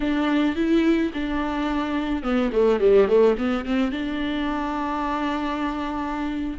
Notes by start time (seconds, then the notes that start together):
0.00 D4
0.55 E4
1.13 D4
2.23 B3
2.52 A3
2.80 G3
3.08 A3
3.38 B3
3.65 C4
3.91 D4